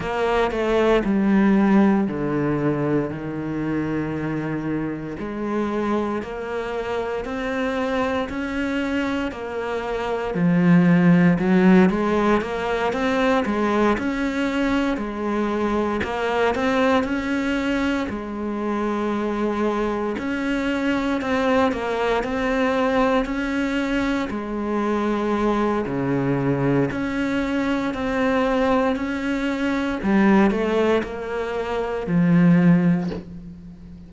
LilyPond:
\new Staff \with { instrumentName = "cello" } { \time 4/4 \tempo 4 = 58 ais8 a8 g4 d4 dis4~ | dis4 gis4 ais4 c'4 | cis'4 ais4 f4 fis8 gis8 | ais8 c'8 gis8 cis'4 gis4 ais8 |
c'8 cis'4 gis2 cis'8~ | cis'8 c'8 ais8 c'4 cis'4 gis8~ | gis4 cis4 cis'4 c'4 | cis'4 g8 a8 ais4 f4 | }